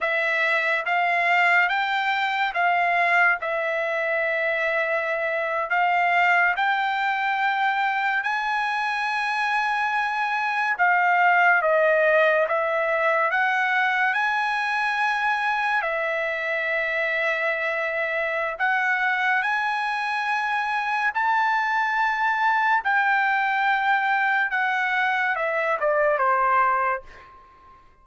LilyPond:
\new Staff \with { instrumentName = "trumpet" } { \time 4/4 \tempo 4 = 71 e''4 f''4 g''4 f''4 | e''2~ e''8. f''4 g''16~ | g''4.~ g''16 gis''2~ gis''16~ | gis''8. f''4 dis''4 e''4 fis''16~ |
fis''8. gis''2 e''4~ e''16~ | e''2 fis''4 gis''4~ | gis''4 a''2 g''4~ | g''4 fis''4 e''8 d''8 c''4 | }